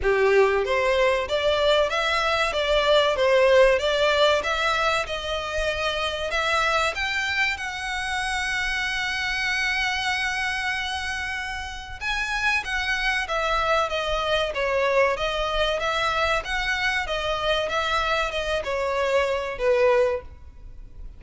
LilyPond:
\new Staff \with { instrumentName = "violin" } { \time 4/4 \tempo 4 = 95 g'4 c''4 d''4 e''4 | d''4 c''4 d''4 e''4 | dis''2 e''4 g''4 | fis''1~ |
fis''2. gis''4 | fis''4 e''4 dis''4 cis''4 | dis''4 e''4 fis''4 dis''4 | e''4 dis''8 cis''4. b'4 | }